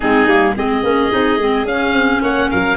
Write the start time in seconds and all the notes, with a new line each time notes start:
0.00 G#3 C4 D#4 G#4
0.26 G3 A#3
0.56 G#3 C4 G#4 D#5
0.83 A#3 C#4
1.11 C4 D#4
1.36 G#3 C4
1.65 C#4 F5
1.92 C4
2.21 A#3 C#5 F#5
2.49 F#3 A#4 F5